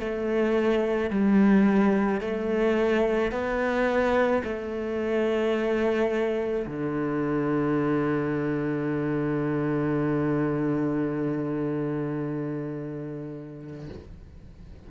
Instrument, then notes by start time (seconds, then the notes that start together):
cello
0.00 A3
1.11 G3
2.21 A3
3.32 B3
4.44 A3
6.67 D3